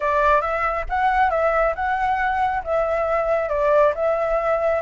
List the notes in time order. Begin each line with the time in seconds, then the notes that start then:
0.00 D5
0.41 E5
0.89 F#5
1.30 E5
1.75 F#5
2.64 E5
3.49 D5
3.94 E5